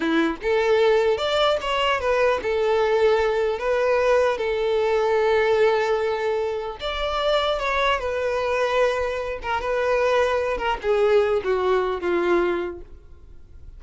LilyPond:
\new Staff \with { instrumentName = "violin" } { \time 4/4 \tempo 4 = 150 e'4 a'2 d''4 | cis''4 b'4 a'2~ | a'4 b'2 a'4~ | a'1~ |
a'4 d''2 cis''4 | b'2.~ b'8 ais'8 | b'2~ b'8 ais'8 gis'4~ | gis'8 fis'4. f'2 | }